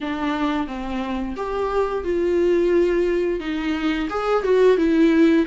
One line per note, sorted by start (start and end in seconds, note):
0.01 0.67 D4
0.67 1.35 C4
1.36 2.04 G4
2.04 3.40 F4
3.40 4.08 D#4
4.09 4.43 G#4
4.43 4.77 F#4
4.77 5.45 E4